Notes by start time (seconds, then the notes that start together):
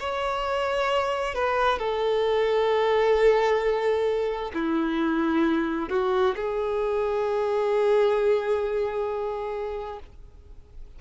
0.00 C#5
1.35 B4
1.79 A4
4.54 E4
5.90 F#4
6.36 G#4